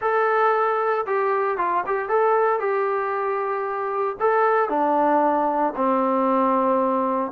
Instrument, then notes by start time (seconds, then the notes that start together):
trombone
0.01 A4
1.06 G4
1.57 F4
1.86 G4
2.09 A4
2.59 G4
4.20 A4
4.69 D4
5.76 C4